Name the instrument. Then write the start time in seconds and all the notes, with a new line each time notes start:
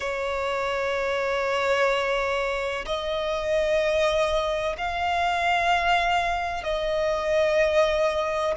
violin
0.00 C#5
2.85 D#5
4.77 F5
6.63 D#5